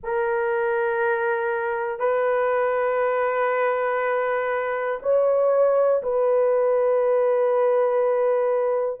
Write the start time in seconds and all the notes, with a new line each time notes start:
0.03 A#4
1.99 B4
5.02 C#5
6.03 B4